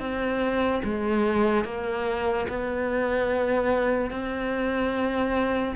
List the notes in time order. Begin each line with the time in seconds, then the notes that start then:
0.00 C4
0.84 G#3
1.65 A#3
2.49 B3
4.11 C4